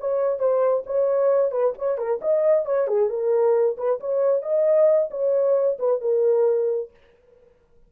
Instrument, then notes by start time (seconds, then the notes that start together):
horn
0.00 C#5
0.39 C5
0.86 C#5
1.52 B4
1.78 C#5
1.98 A#4
2.22 D#5
2.66 C#5
2.88 G#4
3.10 A#4
3.77 B4
4.00 C#5
4.42 D#5
5.11 C#5
5.79 B4
6.01 A#4